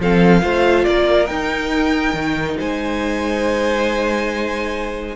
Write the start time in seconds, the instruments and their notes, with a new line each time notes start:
0.00 cello F3, viola C4, violin A4 F5
0.42 cello A3, viola F4, violin C5
0.85 cello A#3, violin A#4 D5
1.28 viola D#4, cello D#4, violin G5
2.14 cello D#3
2.58 cello G#3, violin C5 G#5